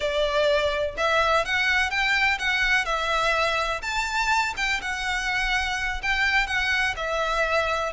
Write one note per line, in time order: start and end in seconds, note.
0.00 0.95 D5
0.97 1.45 E5
1.45 1.90 F#5
1.90 2.38 G5
2.38 2.85 F#5
2.85 3.81 E5
3.82 4.54 A5
4.56 4.80 G5
4.81 6.01 F#5
6.02 6.46 G5
6.46 6.94 F#5
6.96 7.92 E5